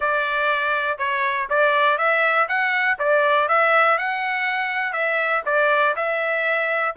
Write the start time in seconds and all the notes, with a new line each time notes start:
0.00 D5
0.98 C#5
1.49 D5
1.97 E5
2.48 F#5
2.98 D5
3.48 E5
3.97 F#5
4.92 E5
5.45 D5
5.95 E5